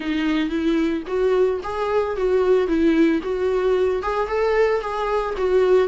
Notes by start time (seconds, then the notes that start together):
0.00 D#4
0.49 E4
1.07 F#4
1.63 G#4
2.16 F#4
2.67 E4
3.22 F#4
4.02 G#4
4.27 A4
4.81 G#4
5.37 F#4